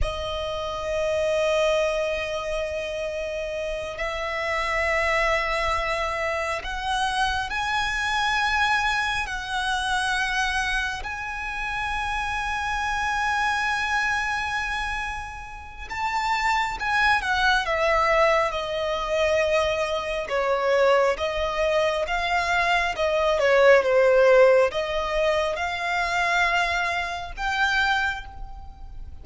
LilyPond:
\new Staff \with { instrumentName = "violin" } { \time 4/4 \tempo 4 = 68 dis''1~ | dis''8 e''2. fis''8~ | fis''8 gis''2 fis''4.~ | fis''8 gis''2.~ gis''8~ |
gis''2 a''4 gis''8 fis''8 | e''4 dis''2 cis''4 | dis''4 f''4 dis''8 cis''8 c''4 | dis''4 f''2 g''4 | }